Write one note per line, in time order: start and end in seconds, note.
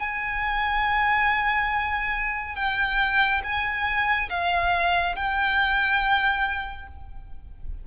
0.00 2.56 G#5
2.56 3.42 G5
3.44 4.30 G#5
4.30 5.16 F5
5.16 6.88 G5